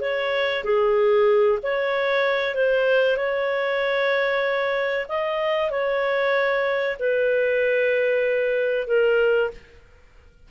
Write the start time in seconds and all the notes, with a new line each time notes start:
0.00 C#5
0.63 G#4
1.62 C#5
2.54 C5
3.17 C#5
5.08 D#5
5.70 C#5
6.99 B4
8.87 A#4